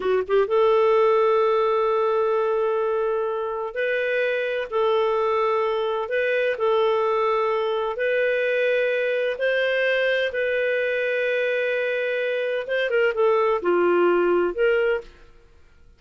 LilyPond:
\new Staff \with { instrumentName = "clarinet" } { \time 4/4 \tempo 4 = 128 fis'8 g'8 a'2.~ | a'1 | b'2 a'2~ | a'4 b'4 a'2~ |
a'4 b'2. | c''2 b'2~ | b'2. c''8 ais'8 | a'4 f'2 ais'4 | }